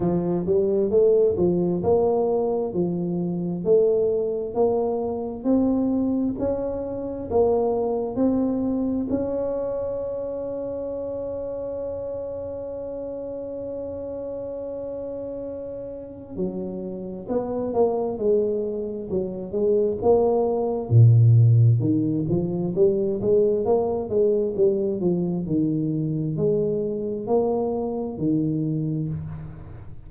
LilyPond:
\new Staff \with { instrumentName = "tuba" } { \time 4/4 \tempo 4 = 66 f8 g8 a8 f8 ais4 f4 | a4 ais4 c'4 cis'4 | ais4 c'4 cis'2~ | cis'1~ |
cis'2 fis4 b8 ais8 | gis4 fis8 gis8 ais4 ais,4 | dis8 f8 g8 gis8 ais8 gis8 g8 f8 | dis4 gis4 ais4 dis4 | }